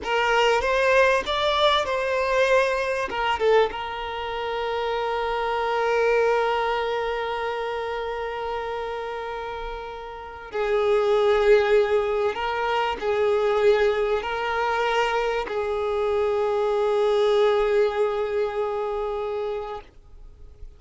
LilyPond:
\new Staff \with { instrumentName = "violin" } { \time 4/4 \tempo 4 = 97 ais'4 c''4 d''4 c''4~ | c''4 ais'8 a'8 ais'2~ | ais'1~ | ais'1~ |
ais'4 gis'2. | ais'4 gis'2 ais'4~ | ais'4 gis'2.~ | gis'1 | }